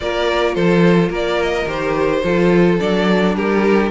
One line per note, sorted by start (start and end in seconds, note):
0.00 0.56 A#3
0.00 1.66 F4
0.00 0.54 A#4
0.00 0.54 D5
0.54 1.09 F3
0.54 1.09 A4
0.54 1.11 C5
1.09 1.65 A#3
1.09 2.21 A#4
1.09 1.42 D5
1.42 1.67 D#5
1.66 2.22 D#3
1.66 2.22 G4
1.66 2.79 C5
2.23 2.80 F3
2.23 2.79 F4
2.23 3.35 A4
2.79 3.35 F#3
2.79 3.91 D4
2.79 3.35 D5
3.35 3.91 G3
3.35 3.91 G4
3.35 3.91 A#4